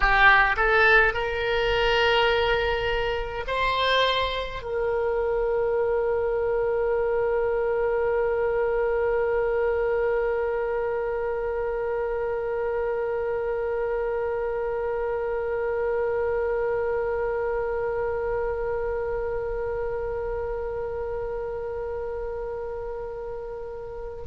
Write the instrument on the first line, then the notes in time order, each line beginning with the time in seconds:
oboe
0.00 G4
0.56 A4
1.13 A#4
3.47 C5
4.62 A#4